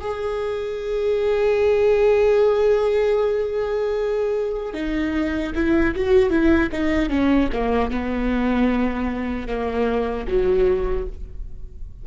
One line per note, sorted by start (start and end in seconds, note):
0.00 4.74 G#4
4.74 5.53 D#4
5.55 5.95 E4
5.95 6.30 F#4
6.30 6.69 E4
6.71 7.09 D#4
7.09 7.49 C#4
7.53 7.91 A#3
7.91 9.47 B3
9.47 10.26 A#3
10.27 11.06 F#3